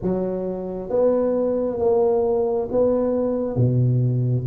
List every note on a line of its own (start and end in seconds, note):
0.02 0.89 F#3
0.89 1.78 B3
1.78 2.68 A#3
2.71 3.56 B3
3.56 4.45 B2